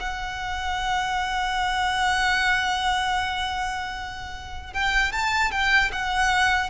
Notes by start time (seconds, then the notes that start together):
0.00 F#5
4.73 G5
5.12 A5
5.52 G5
5.92 F#5